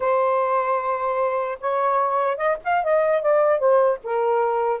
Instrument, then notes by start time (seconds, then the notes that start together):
saxophone
0.00 C5
1.60 C#5
2.37 D#5
2.64 F5
2.83 D#5
3.21 D5
3.58 C5
4.03 A#4